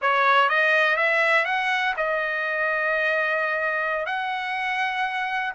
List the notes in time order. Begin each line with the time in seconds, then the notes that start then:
0.01 C#5
0.49 D#5
0.97 E5
1.45 F#5
1.96 D#5
4.06 F#5